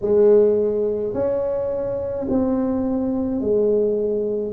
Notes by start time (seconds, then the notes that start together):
0.01 G#3
1.13 C#4
2.29 C4
3.40 G#3